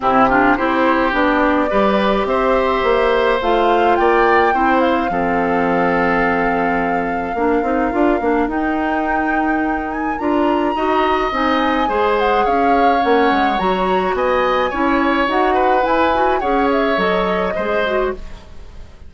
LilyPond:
<<
  \new Staff \with { instrumentName = "flute" } { \time 4/4 \tempo 4 = 106 g'4 c''4 d''2 | e''2 f''4 g''4~ | g''8 f''2.~ f''8~ | f''2. g''4~ |
g''4. gis''8 ais''2 | gis''4. fis''8 f''4 fis''4 | ais''4 gis''2 fis''4 | gis''4 fis''8 e''8 dis''2 | }
  \new Staff \with { instrumentName = "oboe" } { \time 4/4 e'8 f'8 g'2 b'4 | c''2. d''4 | c''4 a'2.~ | a'4 ais'2.~ |
ais'2. dis''4~ | dis''4 c''4 cis''2~ | cis''4 dis''4 cis''4. b'8~ | b'4 cis''2 c''4 | }
  \new Staff \with { instrumentName = "clarinet" } { \time 4/4 c'8 d'8 e'4 d'4 g'4~ | g'2 f'2 | e'4 c'2.~ | c'4 d'8 dis'8 f'8 d'8 dis'4~ |
dis'2 f'4 fis'4 | dis'4 gis'2 cis'4 | fis'2 e'4 fis'4 | e'8 fis'8 gis'4 a'4 gis'8 fis'8 | }
  \new Staff \with { instrumentName = "bassoon" } { \time 4/4 c4 c'4 b4 g4 | c'4 ais4 a4 ais4 | c'4 f2.~ | f4 ais8 c'8 d'8 ais8 dis'4~ |
dis'2 d'4 dis'4 | c'4 gis4 cis'4 ais8 gis8 | fis4 b4 cis'4 dis'4 | e'4 cis'4 fis4 gis4 | }
>>